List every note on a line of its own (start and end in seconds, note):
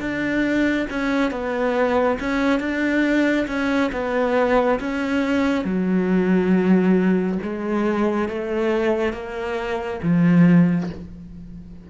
0.00 0.87 D4
0.89 1.31 C#4
1.31 2.18 B3
2.20 2.60 C#4
2.60 3.47 D4
3.47 3.91 C#4
3.92 4.79 B3
4.79 5.64 C#4
5.64 7.38 F#3
7.42 8.28 G#3
8.28 9.13 A3
9.13 10.00 A#3
10.02 10.89 F3